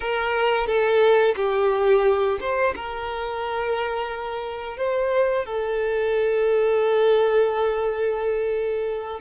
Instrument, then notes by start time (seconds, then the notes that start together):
violin
0.00 A#4
0.66 A4
1.36 G4
2.40 C5
2.75 A#4
4.77 C5
5.45 A4